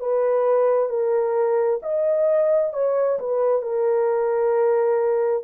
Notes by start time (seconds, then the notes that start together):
0.00 B4
0.89 A#4
1.82 D#5
2.73 C#5
3.19 B4
3.62 A#4